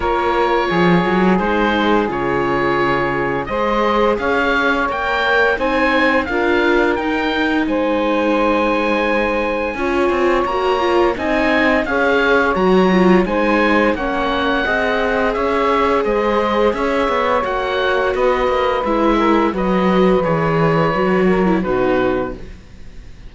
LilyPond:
<<
  \new Staff \with { instrumentName = "oboe" } { \time 4/4 \tempo 4 = 86 cis''2 c''4 cis''4~ | cis''4 dis''4 f''4 g''4 | gis''4 f''4 g''4 gis''4~ | gis''2. ais''4 |
gis''4 f''4 ais''4 gis''4 | fis''2 e''4 dis''4 | e''4 fis''4 dis''4 e''4 | dis''4 cis''2 b'4 | }
  \new Staff \with { instrumentName = "saxophone" } { \time 4/4 ais'4 gis'2.~ | gis'4 c''4 cis''2 | c''4 ais'2 c''4~ | c''2 cis''2 |
dis''4 cis''2 c''4 | cis''4 dis''4 cis''4 c''4 | cis''2 b'4. ais'8 | b'2~ b'8 ais'8 fis'4 | }
  \new Staff \with { instrumentName = "viola" } { \time 4/4 f'2 dis'4 f'4~ | f'4 gis'2 ais'4 | dis'4 f'4 dis'2~ | dis'2 f'4 fis'8 f'8 |
dis'4 gis'4 fis'8 f'8 dis'4 | cis'4 gis'2.~ | gis'4 fis'2 e'4 | fis'4 gis'4 fis'8. e'16 dis'4 | }
  \new Staff \with { instrumentName = "cello" } { \time 4/4 ais4 f8 fis8 gis4 cis4~ | cis4 gis4 cis'4 ais4 | c'4 d'4 dis'4 gis4~ | gis2 cis'8 c'8 ais4 |
c'4 cis'4 fis4 gis4 | ais4 c'4 cis'4 gis4 | cis'8 b8 ais4 b8 ais8 gis4 | fis4 e4 fis4 b,4 | }
>>